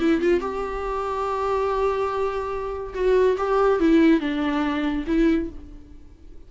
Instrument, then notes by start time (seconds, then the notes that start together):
viola
0.00 E4
0.21 F4
0.41 G4
2.94 F#4
3.38 G4
3.80 E4
4.20 D4
5.07 E4